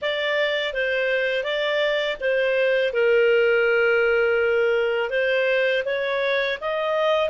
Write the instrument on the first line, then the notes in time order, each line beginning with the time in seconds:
clarinet
0.01 D5
0.73 C5
1.43 D5
2.20 C5
2.93 A#4
5.10 C5
5.85 C#5
6.61 D#5